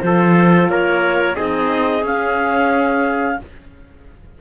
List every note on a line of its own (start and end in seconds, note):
0.00 0.69 F3
0.00 1.36 F4
0.00 0.70 A4
0.00 0.67 C5
0.69 1.36 A#3
0.69 1.36 A#4
0.69 1.36 C#5
1.36 2.02 C4
1.36 2.03 D#4
1.36 3.38 G#4
1.36 2.04 D#5
2.02 3.37 C#4
2.02 3.41 C#4
2.02 3.41 F5